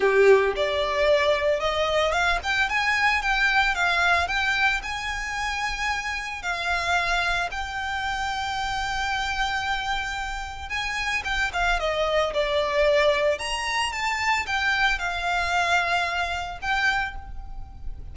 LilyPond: \new Staff \with { instrumentName = "violin" } { \time 4/4 \tempo 4 = 112 g'4 d''2 dis''4 | f''8 g''8 gis''4 g''4 f''4 | g''4 gis''2. | f''2 g''2~ |
g''1 | gis''4 g''8 f''8 dis''4 d''4~ | d''4 ais''4 a''4 g''4 | f''2. g''4 | }